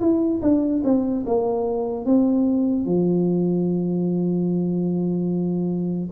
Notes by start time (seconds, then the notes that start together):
0.00 E4
0.41 D4
0.84 C4
1.26 A#3
2.05 C4
2.85 F3